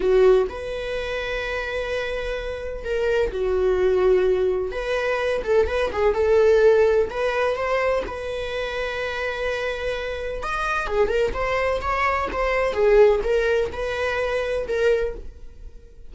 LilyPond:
\new Staff \with { instrumentName = "viola" } { \time 4/4 \tempo 4 = 127 fis'4 b'2.~ | b'2 ais'4 fis'4~ | fis'2 b'4. a'8 | b'8 gis'8 a'2 b'4 |
c''4 b'2.~ | b'2 dis''4 gis'8 ais'8 | c''4 cis''4 c''4 gis'4 | ais'4 b'2 ais'4 | }